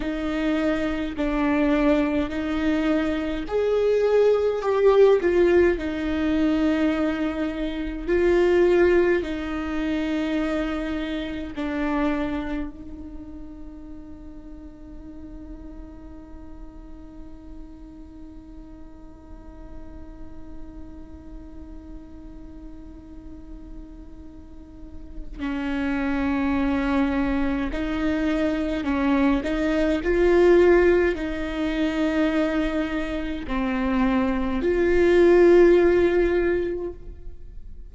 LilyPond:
\new Staff \with { instrumentName = "viola" } { \time 4/4 \tempo 4 = 52 dis'4 d'4 dis'4 gis'4 | g'8 f'8 dis'2 f'4 | dis'2 d'4 dis'4~ | dis'1~ |
dis'1~ | dis'2 cis'2 | dis'4 cis'8 dis'8 f'4 dis'4~ | dis'4 c'4 f'2 | }